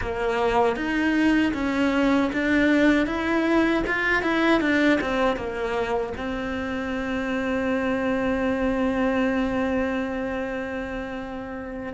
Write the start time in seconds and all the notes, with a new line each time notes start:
0.01 A#3
0.76 D#4
1.53 C#4
2.33 D4
3.06 E4
3.86 F4
4.22 E4
4.60 D4
5.00 C4
5.36 A#3
6.17 C4